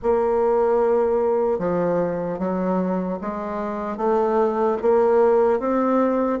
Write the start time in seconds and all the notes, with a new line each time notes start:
0.02 A#3
1.58 F3
2.39 F#3
3.21 G#3
3.97 A3
4.81 A#3
5.59 C4